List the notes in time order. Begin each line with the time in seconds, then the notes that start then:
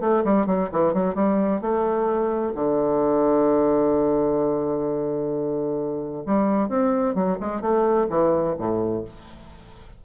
0.00 A3
0.24 G3
0.46 F#3
0.72 E3
0.93 F#3
1.15 G3
1.61 A3
2.54 D3
6.26 G3
6.68 C4
7.14 F#3
7.40 G#3
7.61 A3
8.09 E3
8.58 A2